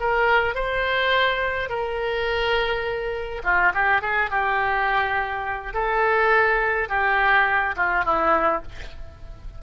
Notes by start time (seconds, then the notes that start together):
0.00 A#4
0.55 C5
1.69 A#4
3.43 F4
3.74 G4
4.01 G#4
4.31 G4
5.74 A4
6.89 G4
7.76 F4
8.05 E4